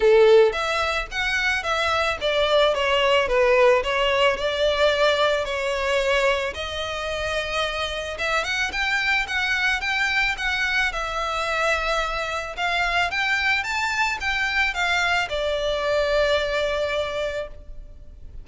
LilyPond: \new Staff \with { instrumentName = "violin" } { \time 4/4 \tempo 4 = 110 a'4 e''4 fis''4 e''4 | d''4 cis''4 b'4 cis''4 | d''2 cis''2 | dis''2. e''8 fis''8 |
g''4 fis''4 g''4 fis''4 | e''2. f''4 | g''4 a''4 g''4 f''4 | d''1 | }